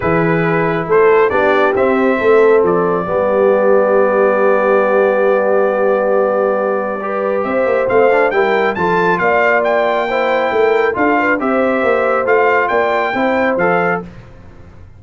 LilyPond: <<
  \new Staff \with { instrumentName = "trumpet" } { \time 4/4 \tempo 4 = 137 b'2 c''4 d''4 | e''2 d''2~ | d''1~ | d''1~ |
d''4 e''4 f''4 g''4 | a''4 f''4 g''2~ | g''4 f''4 e''2 | f''4 g''2 f''4 | }
  \new Staff \with { instrumentName = "horn" } { \time 4/4 gis'2 a'4 g'4~ | g'4 a'2 g'4~ | g'1~ | g'1 |
b'4 c''2 ais'4 | a'4 d''2 c''4 | ais'4 a'8 b'8 c''2~ | c''4 d''4 c''2 | }
  \new Staff \with { instrumentName = "trombone" } { \time 4/4 e'2. d'4 | c'2. b4~ | b1~ | b1 |
g'2 c'8 d'8 e'4 | f'2. e'4~ | e'4 f'4 g'2 | f'2 e'4 a'4 | }
  \new Staff \with { instrumentName = "tuba" } { \time 4/4 e2 a4 b4 | c'4 a4 f4 g4~ | g1~ | g1~ |
g4 c'8 ais8 a4 g4 | f4 ais2. | a4 d'4 c'4 ais4 | a4 ais4 c'4 f4 | }
>>